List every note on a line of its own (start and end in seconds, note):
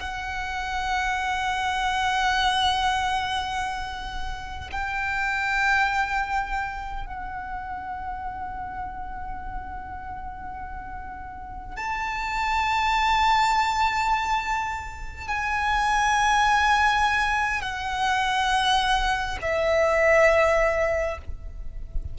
0.00 4.71 F#5
4.72 7.07 G5
7.07 11.77 F#5
11.77 15.29 A5
15.29 17.62 G#5
17.62 19.39 F#5
19.42 21.19 E5